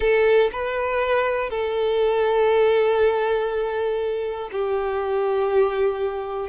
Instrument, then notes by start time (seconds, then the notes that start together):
violin
0.00 A4
0.52 B4
1.50 A4
4.52 G4